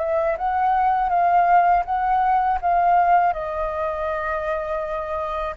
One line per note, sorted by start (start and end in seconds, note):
0.00 0.37 E5
0.38 1.10 F#5
1.10 1.84 F5
1.86 2.60 F#5
2.62 3.34 F5
3.34 5.56 D#5